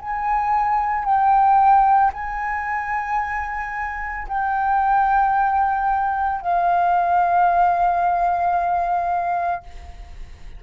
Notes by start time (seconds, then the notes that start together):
0.00 G#5
1.04 G5
2.13 G#5
4.28 G5
6.41 F5